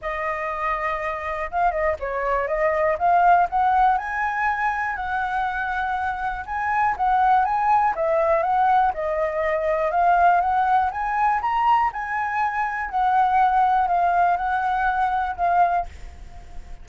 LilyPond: \new Staff \with { instrumentName = "flute" } { \time 4/4 \tempo 4 = 121 dis''2. f''8 dis''8 | cis''4 dis''4 f''4 fis''4 | gis''2 fis''2~ | fis''4 gis''4 fis''4 gis''4 |
e''4 fis''4 dis''2 | f''4 fis''4 gis''4 ais''4 | gis''2 fis''2 | f''4 fis''2 f''4 | }